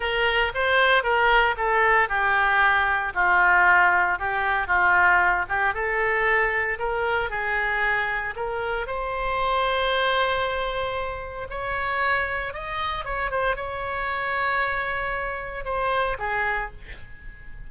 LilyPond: \new Staff \with { instrumentName = "oboe" } { \time 4/4 \tempo 4 = 115 ais'4 c''4 ais'4 a'4 | g'2 f'2 | g'4 f'4. g'8 a'4~ | a'4 ais'4 gis'2 |
ais'4 c''2.~ | c''2 cis''2 | dis''4 cis''8 c''8 cis''2~ | cis''2 c''4 gis'4 | }